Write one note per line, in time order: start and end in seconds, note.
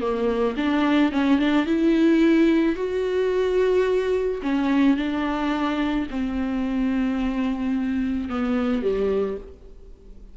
0.00 0.55 A#3
0.57 1.12 D4
1.12 1.38 C#4
1.38 1.66 D4
1.66 2.75 E4
2.75 4.41 F#4
4.42 4.96 C#4
4.96 6.07 D4
6.10 8.29 C4
8.29 8.82 B3
8.82 9.37 G3